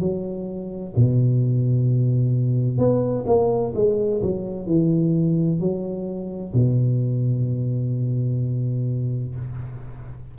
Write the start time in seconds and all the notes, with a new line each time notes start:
0.00 F#3
0.96 B2
2.78 B3
3.26 A#3
3.75 G#3
4.22 F#3
4.67 E3
5.60 F#3
6.54 B2